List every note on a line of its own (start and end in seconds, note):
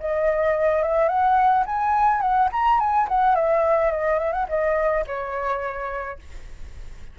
0.00 0.82 D#5
0.82 1.09 E5
1.09 1.65 F#5
1.66 2.21 G#5
2.21 2.49 F#5
2.52 2.80 A#5
2.80 3.08 G#5
3.08 3.35 F#5
3.35 3.91 E5
3.91 4.19 D#5
4.19 4.32 E5
4.32 4.46 F#5
4.49 5.05 D#5
5.07 6.19 C#5